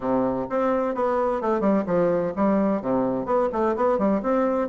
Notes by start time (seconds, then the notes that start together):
0.00 C3
0.49 C4
0.94 B3
1.41 A3
1.60 G3
1.86 F3
2.36 G3
2.81 C3
3.25 B3
3.52 A3
3.76 B3
3.98 G3
4.22 C4